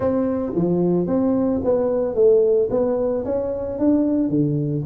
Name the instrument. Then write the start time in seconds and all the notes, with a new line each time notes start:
tuba
0.00 C4
0.55 F3
1.06 C4
1.63 B3
2.14 A3
2.70 B3
3.24 C#4
3.78 D4
4.29 D3